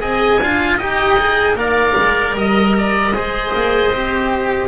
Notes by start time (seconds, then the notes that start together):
0.00 C4 G#4 D#5 G#5
0.39 D4 F4 F5
0.77 D#4 G4 D#5 G5
1.19 G#4
1.55 A#3 A#4 D5 F5
1.96 G#3
2.35 G3 D#5
2.78 D5
3.12 G#3 G#4 C5
3.54 A#3
3.90 C4 G4